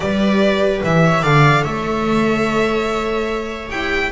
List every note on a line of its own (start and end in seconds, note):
0.00 0.82 G3
0.00 1.22 G4
0.00 1.04 B4
0.00 0.81 D5
0.83 1.23 E3
0.83 1.23 E5
1.04 1.21 C#5
1.21 1.64 D3
1.21 3.67 A4
1.21 1.62 D5
1.21 1.63 F5
1.63 3.70 A3
1.63 4.10 C#5
1.63 3.69 E5
3.67 4.11 E4
3.67 4.08 G4
3.67 4.11 G5